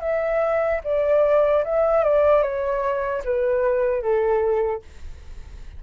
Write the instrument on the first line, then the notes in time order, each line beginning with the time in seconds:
flute
0.00 E5
0.84 D5
1.64 E5
2.04 D5
2.42 C#5
3.24 B4
4.02 A4